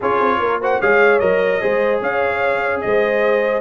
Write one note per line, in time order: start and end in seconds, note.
0.00 0.20 C#4
0.00 0.61 F4
0.00 0.39 G#4
0.00 0.62 C#5
0.20 0.39 C4
0.39 0.79 A#3
0.39 0.61 A#4
0.61 0.81 F#4
0.61 0.81 C5
0.61 0.81 F#5
0.81 1.21 G#3
0.81 1.20 G#4
0.81 1.61 C#5
0.81 1.19 F5
1.19 1.61 F#3
1.19 1.61 A#4
1.19 1.99 D#5
1.61 2.01 G#3
1.61 3.60 G#4
1.61 2.01 C5
2.01 2.82 C#4
2.01 2.81 C#5
2.01 2.80 F5
2.80 3.60 G#3
2.80 3.60 C5
2.80 3.60 D#5